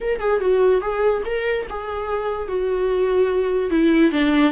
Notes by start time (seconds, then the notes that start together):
0.01 A#4
0.19 G#4
0.40 F#4
0.81 G#4
1.25 A#4
1.69 G#4
2.48 F#4
3.70 E4
4.11 D4